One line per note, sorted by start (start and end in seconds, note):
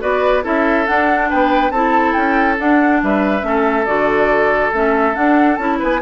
0.00 0.44 B3
0.00 0.42 F#4
0.00 0.43 B4
0.00 0.44 D5
0.42 0.87 C#4
0.42 0.85 E4
0.42 1.29 A4
0.42 0.86 E5
0.86 1.73 D4
0.86 1.32 D4
0.86 1.29 F#5
1.29 1.71 B3
1.29 1.72 B4
1.29 1.71 G5
1.71 2.13 C4
1.71 2.57 E4
1.71 3.01 A4
1.71 2.13 A5
2.13 2.59 C#4
2.13 2.56 G5
2.57 3.41 D4
2.57 3.02 D4
2.57 3.02 F#5
3.03 3.43 G3
3.03 3.47 B4
3.03 3.86 E5
3.41 3.85 A3
3.41 3.84 C#4
3.41 5.79 A4
3.86 4.72 D3
3.86 4.72 F#4
3.86 4.71 D5
4.72 5.15 A3
4.72 5.14 C#4
4.72 5.15 E5
5.14 5.57 D4
5.14 5.58 D4
5.14 5.56 F#5
5.56 5.79 C#4
5.56 6.01 E4
5.56 5.77 A5
5.79 6.01 B3
5.79 6.00 B4
5.79 6.01 G#5